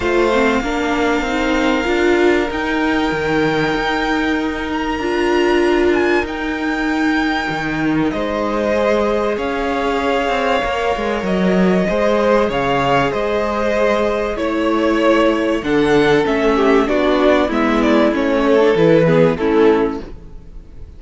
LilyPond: <<
  \new Staff \with { instrumentName = "violin" } { \time 4/4 \tempo 4 = 96 f''1 | g''2.~ g''8 ais''8~ | ais''4. gis''8 g''2~ | g''4 dis''2 f''4~ |
f''2 dis''2 | f''4 dis''2 cis''4~ | cis''4 fis''4 e''4 d''4 | e''8 d''8 cis''4 b'4 a'4 | }
  \new Staff \with { instrumentName = "violin" } { \time 4/4 c''4 ais'2.~ | ais'1~ | ais'1~ | ais'4 c''2 cis''4~ |
cis''2. c''4 | cis''4 c''2 cis''4~ | cis''4 a'4. g'8 fis'4 | e'4. a'4 gis'8 e'4 | }
  \new Staff \with { instrumentName = "viola" } { \time 4/4 f'8 c'8 d'4 dis'4 f'4 | dis'1 | f'2 dis'2~ | dis'2 gis'2~ |
gis'4 ais'2 gis'4~ | gis'2. e'4~ | e'4 d'4 cis'4 d'4 | b4 cis'8. d'16 e'8 b8 cis'4 | }
  \new Staff \with { instrumentName = "cello" } { \time 4/4 a4 ais4 c'4 d'4 | dis'4 dis4 dis'2 | d'2 dis'2 | dis4 gis2 cis'4~ |
cis'8 c'8 ais8 gis8 fis4 gis4 | cis4 gis2 a4~ | a4 d4 a4 b4 | gis4 a4 e4 a4 | }
>>